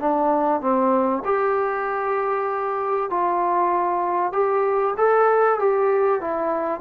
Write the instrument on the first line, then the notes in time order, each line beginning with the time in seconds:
trombone
0.00 D4
0.61 C4
1.25 G4
3.10 F4
4.33 G4
4.97 A4
5.60 G4
6.21 E4